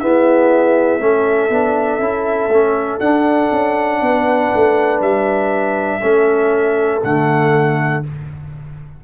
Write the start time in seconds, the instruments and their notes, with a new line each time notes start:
0.00 trombone B3, tuba E4, horn G#4, trumpet E5
1.00 tuba A3, trombone C#4, horn A4
1.50 tuba B3, trombone D4
1.99 tuba C#4, trombone E4
2.48 tuba A3, trombone C#4
3.00 tuba D4, trombone D4, trumpet F#5
3.52 tuba C#4
4.01 tuba B3, horn B4
4.55 tuba A3
5.01 tuba G3, trumpet E5
6.01 tuba A3, trombone C#4, horn A4
7.04 tuba D3, trombone A3, trumpet F#5